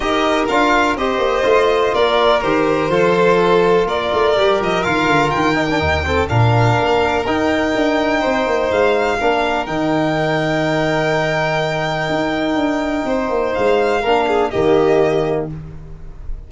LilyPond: <<
  \new Staff \with { instrumentName = "violin" } { \time 4/4 \tempo 4 = 124 dis''4 f''4 dis''2 | d''4 c''2. | d''4. dis''8 f''4 g''4~ | g''4 f''2 g''4~ |
g''2 f''2 | g''1~ | g''1 | f''2 dis''2 | }
  \new Staff \with { instrumentName = "violin" } { \time 4/4 ais'2 c''2 | ais'2 a'2 | ais'1~ | ais'8 a'8 ais'2.~ |
ais'4 c''2 ais'4~ | ais'1~ | ais'2. c''4~ | c''4 ais'8 gis'8 g'2 | }
  \new Staff \with { instrumentName = "trombone" } { \time 4/4 g'4 f'4 g'4 f'4~ | f'4 g'4 f'2~ | f'4 g'4 f'4. dis'16 d'16 | dis'8 c'8 d'2 dis'4~ |
dis'2. d'4 | dis'1~ | dis'1~ | dis'4 d'4 ais2 | }
  \new Staff \with { instrumentName = "tuba" } { \time 4/4 dis'4 d'4 c'8 ais8 a4 | ais4 dis4 f2 | ais8 a8 g8 f8 dis8 d8 dis4 | dis,4 ais,4 ais4 dis'4 |
d'4 c'8 ais8 gis4 ais4 | dis1~ | dis4 dis'4 d'4 c'8 ais8 | gis4 ais4 dis2 | }
>>